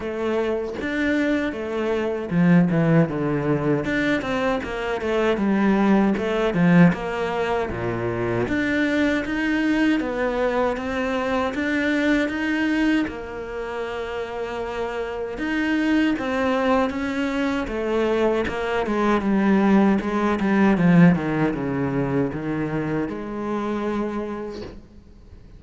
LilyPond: \new Staff \with { instrumentName = "cello" } { \time 4/4 \tempo 4 = 78 a4 d'4 a4 f8 e8 | d4 d'8 c'8 ais8 a8 g4 | a8 f8 ais4 ais,4 d'4 | dis'4 b4 c'4 d'4 |
dis'4 ais2. | dis'4 c'4 cis'4 a4 | ais8 gis8 g4 gis8 g8 f8 dis8 | cis4 dis4 gis2 | }